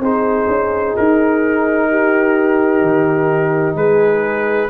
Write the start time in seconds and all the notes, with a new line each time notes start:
0.00 C4 D#4 G#4 C5
0.48 C#4
0.97 D#4 A#4
1.90 G4
2.82 D#3
3.75 G#3 G#4 B4